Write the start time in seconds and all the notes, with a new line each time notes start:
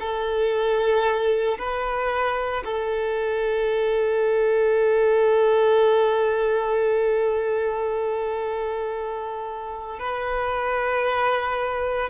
0.00 A4
1.58 B4
2.65 A4
9.99 B4